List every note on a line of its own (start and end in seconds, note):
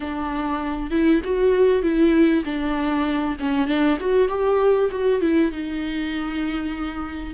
0.00 0.90 D4
0.90 1.21 E4
1.24 1.82 F#4
1.82 2.43 E4
2.44 3.36 D4
3.39 3.67 C#4
3.67 3.97 D4
4.00 4.28 F#4
4.28 4.89 G4
4.91 5.20 F#4
5.20 5.51 E4
5.51 7.34 D#4